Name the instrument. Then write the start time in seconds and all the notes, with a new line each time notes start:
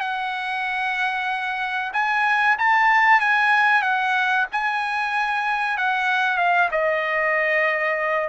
trumpet
0.00 F#5
1.93 G#5
2.58 A5
3.20 G#5
3.82 F#5
4.52 G#5
5.77 F#5
6.37 F5
6.71 D#5